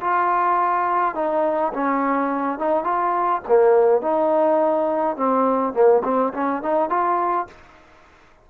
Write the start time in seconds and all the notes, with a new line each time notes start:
0.00 F4
1.15 D#4
1.73 C#4
2.59 D#4
2.83 F4
3.48 A#3
4.01 D#4
5.16 C4
5.73 A#3
6.03 C4
6.33 C#4
6.62 D#4
6.89 F4